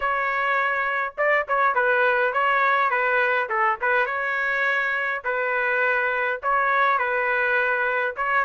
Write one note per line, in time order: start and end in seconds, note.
0.00 1.14 C#5
1.17 1.46 D5
1.47 1.74 C#5
1.74 2.33 B4
2.33 2.90 C#5
2.90 3.48 B4
3.49 3.78 A4
3.81 4.05 B4
4.05 5.22 C#5
5.24 6.41 B4
6.42 6.98 C#5
6.98 8.14 B4
8.16 8.45 C#5